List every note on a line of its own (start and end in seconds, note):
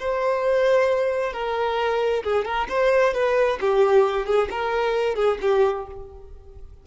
0.00 1.33 C5
1.33 2.24 A#4
2.24 2.45 G#4
2.45 2.68 A#4
2.69 3.14 C5
3.14 3.59 B4
3.61 4.26 G4
4.26 4.49 G#4
4.51 5.16 A#4
5.16 5.38 G#4
5.42 5.87 G4